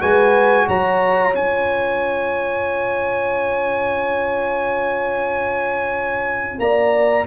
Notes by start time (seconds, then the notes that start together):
0.00 G#3 F#4 B4 G#5
0.68 F#3 C#5 A#5
1.32 C#4 F4 G#5
6.59 A#3 D5 A#5